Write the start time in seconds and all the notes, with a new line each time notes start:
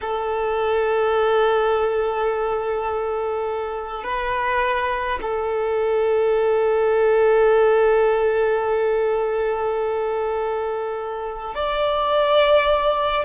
0.01 A4
4.03 B4
5.21 A4
11.54 D5